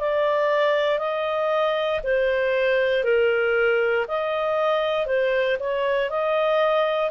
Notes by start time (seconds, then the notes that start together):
0.00 D5
0.99 D#5
2.03 C5
3.04 A#4
4.08 D#5
5.07 C5
5.59 C#5
6.10 D#5